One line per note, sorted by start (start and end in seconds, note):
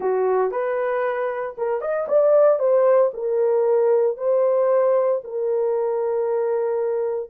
0.00 0.51 F#4
0.51 1.55 B4
1.57 1.81 A#4
1.81 2.07 D#5
2.08 2.59 D5
2.59 3.11 C5
3.13 4.17 A#4
4.17 5.21 C5
5.24 7.29 A#4